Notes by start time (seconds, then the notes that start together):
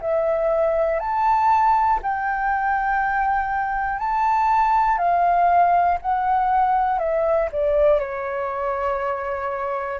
0.00 E5
1.00 A5
2.02 G5
3.98 A5
4.98 F5
6.01 F#5
6.98 E5
7.51 D5
8.00 C#5